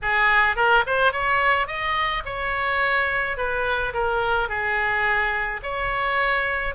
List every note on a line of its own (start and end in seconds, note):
0.02 0.56 G#4
0.56 0.84 A#4
0.86 1.12 C5
1.12 1.67 C#5
1.67 2.23 D#5
2.25 3.37 C#5
3.37 3.93 B4
3.93 4.48 A#4
4.48 5.60 G#4
5.62 6.74 C#5